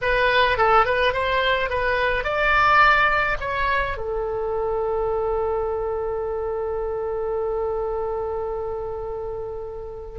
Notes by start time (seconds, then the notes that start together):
0.01 B4
0.57 A4
0.85 B4
1.13 C5
1.69 B4
2.24 D5
3.40 C#5
3.97 A4